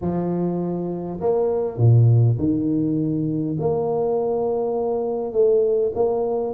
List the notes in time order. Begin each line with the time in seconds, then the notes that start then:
0.01 F3
1.20 A#3
1.77 A#2
2.38 D#3
3.59 A#3
5.32 A3
5.94 A#3